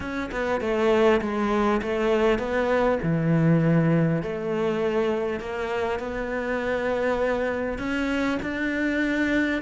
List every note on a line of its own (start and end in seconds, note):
0.00 0.30 C#4
0.31 0.60 B3
0.60 1.20 A3
1.21 1.81 G#3
1.81 2.38 A3
2.38 2.98 B3
3.02 4.22 E3
4.22 5.40 A3
5.40 5.99 A#3
5.99 7.78 B3
7.78 8.38 C#4
8.42 9.62 D4